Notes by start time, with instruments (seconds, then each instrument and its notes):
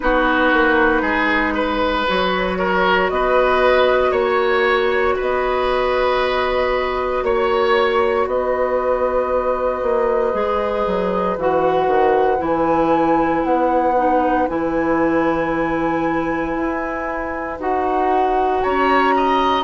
0.00 bassoon B3, clarinet D#4, oboe F#4, flute B4
0.53 bassoon A#3
1.02 bassoon G#3, oboe G#4
1.54 oboe B4
2.07 bassoon F#3, clarinet F#4, flute C#5
2.58 oboe A#4
3.09 bassoon B3, oboe B4, flute D#5
4.11 bassoon A#3, oboe C#5, flute C#5
5.16 bassoon B3, oboe B4, flute D#5
7.22 bassoon A#3, flute C#5, oboe C#5
8.26 bassoon B3, oboe B4, flute D#5
9.82 bassoon A#3
10.33 bassoon G#3, clarinet G#4
10.86 bassoon F#3
11.37 bassoon E3, clarinet F#4, flute F#5
11.86 bassoon D#3
12.38 bassoon E3, clarinet E4, flute G#5
13.44 bassoon B3, flute F#5
13.96 clarinet D#4
14.48 bassoon E3, clarinet E4, flute G#5
16.56 bassoon E4
17.59 bassoon D#4, clarinet F#4, flute F#5
18.62 bassoon C#4, oboe C#5, flute A#5
19.16 oboe D#5